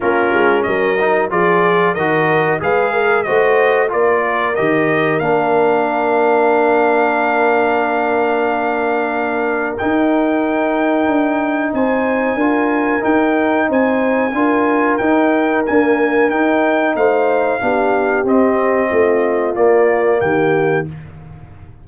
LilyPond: <<
  \new Staff \with { instrumentName = "trumpet" } { \time 4/4 \tempo 4 = 92 ais'4 dis''4 d''4 dis''4 | f''4 dis''4 d''4 dis''4 | f''1~ | f''2. g''4~ |
g''2 gis''2 | g''4 gis''2 g''4 | gis''4 g''4 f''2 | dis''2 d''4 g''4 | }
  \new Staff \with { instrumentName = "horn" } { \time 4/4 f'4 ais'4 gis'4 ais'4 | b'8 ais'8 c''4 ais'2~ | ais'1~ | ais'1~ |
ais'2 c''4 ais'4~ | ais'4 c''4 ais'2~ | ais'2 c''4 g'4~ | g'4 f'2 g'4 | }
  \new Staff \with { instrumentName = "trombone" } { \time 4/4 cis'4. dis'8 f'4 fis'4 | gis'4 fis'4 f'4 g'4 | d'1~ | d'2. dis'4~ |
dis'2. f'4 | dis'2 f'4 dis'4 | ais4 dis'2 d'4 | c'2 ais2 | }
  \new Staff \with { instrumentName = "tuba" } { \time 4/4 ais8 gis8 fis4 f4 dis4 | gis4 a4 ais4 dis4 | ais1~ | ais2. dis'4~ |
dis'4 d'4 c'4 d'4 | dis'4 c'4 d'4 dis'4 | d'4 dis'4 a4 b4 | c'4 a4 ais4 dis4 | }
>>